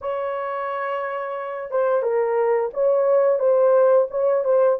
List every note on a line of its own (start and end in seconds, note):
0.01 1.70 C#5
1.70 2.02 C5
2.02 2.70 A#4
2.73 3.39 C#5
3.39 4.07 C5
4.10 4.44 C#5
4.44 4.78 C5